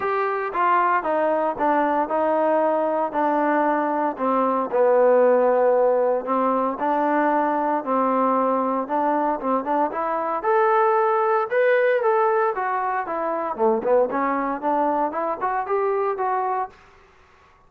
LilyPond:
\new Staff \with { instrumentName = "trombone" } { \time 4/4 \tempo 4 = 115 g'4 f'4 dis'4 d'4 | dis'2 d'2 | c'4 b2. | c'4 d'2 c'4~ |
c'4 d'4 c'8 d'8 e'4 | a'2 b'4 a'4 | fis'4 e'4 a8 b8 cis'4 | d'4 e'8 fis'8 g'4 fis'4 | }